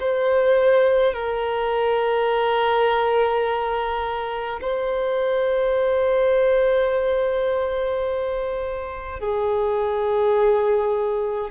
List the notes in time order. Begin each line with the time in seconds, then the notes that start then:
0.00 C5
1.14 A#4
4.62 C5
9.20 G#4